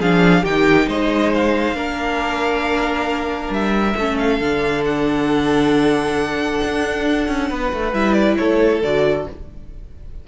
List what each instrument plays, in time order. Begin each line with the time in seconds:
0.00 cello F3, viola D4, violin G#4 F5
0.42 cello D#3, viola D#4, violin G4 G5
0.87 cello G#3, violin C5 D#5
1.34 violin F5
1.73 cello A#3, viola D4, violin A#4
3.50 cello G3, violin E5
3.97 cello A3, viola C#4, violin A4
4.18 violin F5
4.40 cello D3, viola D4
4.85 violin F#5
6.65 cello D4
7.29 cello C#4
7.50 cello B3, violin B4
7.73 cello A3
7.93 cello G3, viola E4, violin E5
8.13 violin D5
8.37 cello A3, violin A4 C#5
8.83 cello D3, viola F#4, violin D5